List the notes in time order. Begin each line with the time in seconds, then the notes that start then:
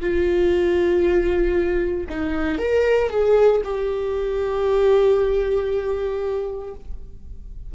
0.00 F4
2.09 D#4
2.58 A#4
3.10 G#4
3.64 G4